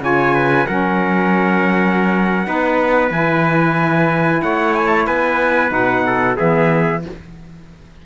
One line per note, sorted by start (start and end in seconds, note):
0.00 0.65 C#3
0.00 0.67 F4
0.00 0.35 C#5
0.00 0.67 G#5
0.35 0.67 B4
0.67 2.47 F#3
0.67 2.45 C#4
0.67 2.47 A#4
0.67 3.11 F#5
2.45 3.11 B3
2.45 3.11 D#4
2.45 4.43 B4
3.11 4.41 E3
3.11 5.69 E4
3.11 4.42 G#5
4.42 5.07 A3
4.42 5.07 C#5
4.42 4.75 F#5
4.75 4.87 G#5
4.87 5.03 A5
5.07 5.72 B3
5.07 6.05 B4
5.07 5.72 G#5
5.69 6.37 B2
5.69 6.34 D#4
5.69 6.37 F#5
6.07 6.37 A4
6.36 7.06 E3
6.36 7.01 B3
6.36 7.02 G#4
6.36 7.04 E5